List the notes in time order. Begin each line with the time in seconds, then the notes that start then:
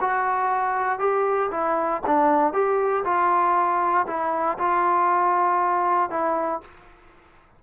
0.00 F#4
0.99 G4
1.50 E4
2.06 D4
2.53 G4
3.04 F4
4.07 E4
4.58 F4
6.10 E4